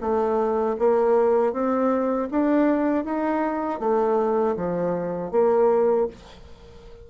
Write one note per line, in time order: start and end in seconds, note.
0.00 0.76 A3
0.79 1.53 A#3
1.53 2.29 C4
2.31 3.04 D4
3.04 3.79 D#4
3.79 4.55 A3
4.56 5.31 F3
5.31 6.07 A#3